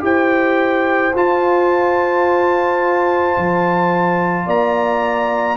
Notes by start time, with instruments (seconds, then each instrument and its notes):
0.00 tuba E4, trombone G4, horn C5, trumpet G5
1.15 tuba F4, trombone F4, trumpet A5
3.37 tuba F3
4.46 tuba A#3, horn D5, trumpet A#5